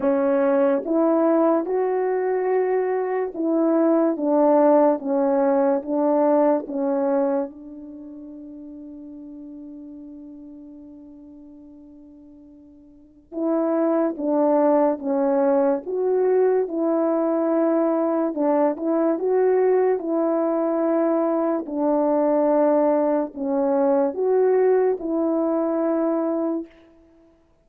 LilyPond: \new Staff \with { instrumentName = "horn" } { \time 4/4 \tempo 4 = 72 cis'4 e'4 fis'2 | e'4 d'4 cis'4 d'4 | cis'4 d'2.~ | d'1 |
e'4 d'4 cis'4 fis'4 | e'2 d'8 e'8 fis'4 | e'2 d'2 | cis'4 fis'4 e'2 | }